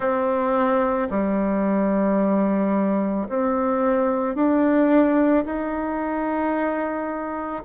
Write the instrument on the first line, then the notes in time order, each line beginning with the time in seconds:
bassoon
0.00 C4
1.10 G3
3.28 C4
4.35 D4
5.45 D#4